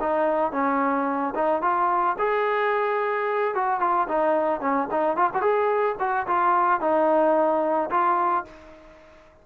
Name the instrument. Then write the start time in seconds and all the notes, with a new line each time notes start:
trombone
0.00 D#4
0.52 C#4
1.35 D#4
1.62 F4
2.19 G#4
3.54 F#4
3.80 F4
4.08 D#4
4.60 C#4
4.91 D#4
5.16 F4
5.34 F#4
5.41 G#4
5.99 F#4
6.27 F4
6.80 D#4
7.90 F4